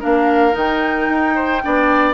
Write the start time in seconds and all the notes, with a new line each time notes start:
0.00 A#3 D4 A#4 F5
0.52 D#3 D#4
0.58 G5
1.09 D#4
1.35 C5
1.63 B3 D4 D5